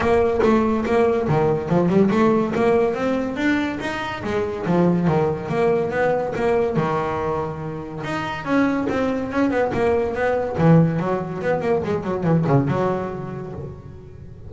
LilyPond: \new Staff \with { instrumentName = "double bass" } { \time 4/4 \tempo 4 = 142 ais4 a4 ais4 dis4 | f8 g8 a4 ais4 c'4 | d'4 dis'4 gis4 f4 | dis4 ais4 b4 ais4 |
dis2. dis'4 | cis'4 c'4 cis'8 b8 ais4 | b4 e4 fis4 b8 ais8 | gis8 fis8 e8 cis8 fis2 | }